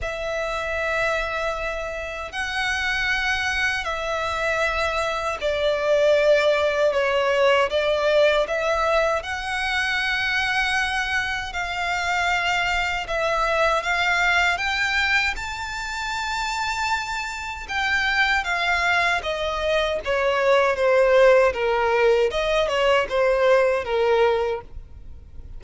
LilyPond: \new Staff \with { instrumentName = "violin" } { \time 4/4 \tempo 4 = 78 e''2. fis''4~ | fis''4 e''2 d''4~ | d''4 cis''4 d''4 e''4 | fis''2. f''4~ |
f''4 e''4 f''4 g''4 | a''2. g''4 | f''4 dis''4 cis''4 c''4 | ais'4 dis''8 cis''8 c''4 ais'4 | }